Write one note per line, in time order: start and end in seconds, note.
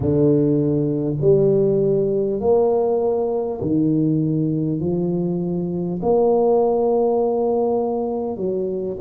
0.00 1.16 D3
1.20 2.40 G3
2.40 3.60 A#3
3.61 4.80 D#3
4.80 6.00 F3
6.02 8.36 A#3
8.36 8.96 F#3